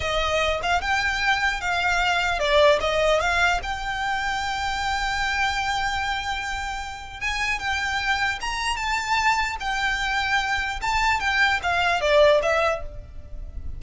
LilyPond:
\new Staff \with { instrumentName = "violin" } { \time 4/4 \tempo 4 = 150 dis''4. f''8 g''2 | f''2 d''4 dis''4 | f''4 g''2.~ | g''1~ |
g''2 gis''4 g''4~ | g''4 ais''4 a''2 | g''2. a''4 | g''4 f''4 d''4 e''4 | }